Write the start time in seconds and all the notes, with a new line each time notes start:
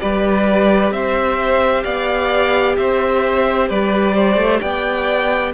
0.00 G3 G4 B4 D5
0.91 C4 C5 E5
1.84 B3 D5 F5
2.77 C4 C5 E5
3.69 G3 B4 D5
4.15 C5
4.37 A3
4.60 B3 D5 G5